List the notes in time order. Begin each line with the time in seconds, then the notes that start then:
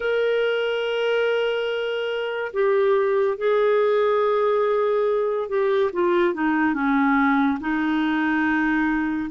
0.00 A#4
2.53 G4
3.37 G#4
5.48 G4
5.92 F4
6.33 D#4
6.74 C#4
7.60 D#4